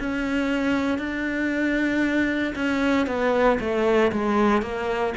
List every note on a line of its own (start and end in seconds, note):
0.00 0.99 C#4
0.99 2.54 D4
2.55 3.07 C#4
3.07 3.59 B3
3.60 4.12 A3
4.12 4.62 G#3
4.62 5.14 A#3